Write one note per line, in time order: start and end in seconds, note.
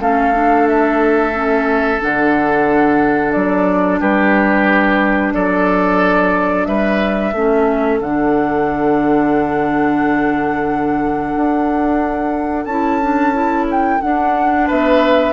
0.00 2.00 A3
0.00 0.33 C#4
0.00 4.00 A4
0.00 0.68 F5
0.33 1.33 D4
0.68 2.01 E5
1.33 1.99 C#4
1.99 3.35 D3
1.99 7.32 D4
1.99 3.32 F#5
3.32 4.00 F#3
3.32 3.99 D5
4.00 5.33 G3
4.00 5.33 G4
4.00 5.33 B4
5.34 6.67 F#3
5.34 6.68 A4
5.34 6.66 D5
6.66 7.33 G3
6.66 7.34 B4
6.66 7.99 E5
7.33 7.99 A3
7.33 8.02 C#4
7.33 14.67 A4
8.00 11.33 D3
8.00 12.70 D4
8.00 12.65 F#5
11.36 12.66 D4
12.65 13.99 C#4
12.65 13.02 E4
12.65 13.65 A5
13.02 13.33 D4
13.33 14.00 E4
13.71 14.01 G5
14.01 15.33 D4
14.01 14.70 D4
14.01 14.68 F#5
14.67 15.33 B3
14.67 15.33 B4
14.67 15.33 E5